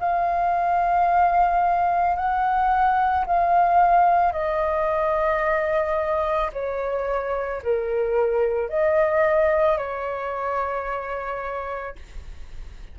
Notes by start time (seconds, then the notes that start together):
0.00 F5
2.16 F#5
3.26 F5
4.33 D#5
6.53 C#5
7.63 A#4
8.70 D#5
9.78 C#5